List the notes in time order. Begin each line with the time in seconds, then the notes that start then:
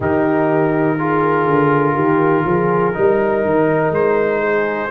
0.00 D#3 D#4 G4 A#4
0.99 F4 G#4
1.46 D3
1.94 D#3 G4
2.44 F3 G#4
2.93 G3 D#4 A#4
3.44 D#3
3.90 G#3 C5
4.41 G#4